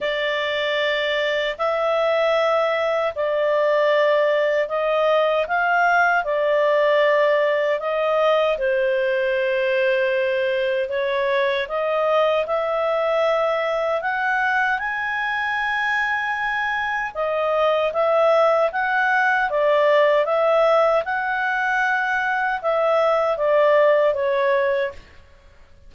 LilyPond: \new Staff \with { instrumentName = "clarinet" } { \time 4/4 \tempo 4 = 77 d''2 e''2 | d''2 dis''4 f''4 | d''2 dis''4 c''4~ | c''2 cis''4 dis''4 |
e''2 fis''4 gis''4~ | gis''2 dis''4 e''4 | fis''4 d''4 e''4 fis''4~ | fis''4 e''4 d''4 cis''4 | }